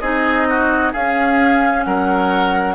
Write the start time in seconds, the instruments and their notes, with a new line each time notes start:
0.00 bassoon C4, clarinet D#4, oboe G#4, flute D#5
0.49 oboe F#4
0.93 bassoon C#4, clarinet C#4, oboe G#4, flute F5
1.84 bassoon F#3, oboe A#4, flute F#5